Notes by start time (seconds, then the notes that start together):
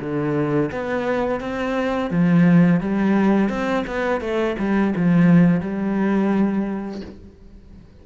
0.00 D3
0.72 B3
1.40 C4
2.10 F3
2.80 G3
3.49 C4
3.87 B3
4.21 A3
4.59 G3
4.96 F3
5.60 G3